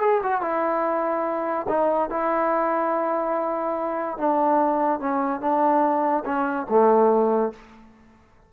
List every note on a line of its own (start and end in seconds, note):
0.00 0.21 G#4
0.23 0.41 F#4
0.41 1.66 E4
1.68 2.10 D#4
2.10 4.17 E4
4.17 4.99 D4
4.99 5.40 C#4
5.40 6.23 D4
6.24 6.66 C#4
6.69 7.52 A3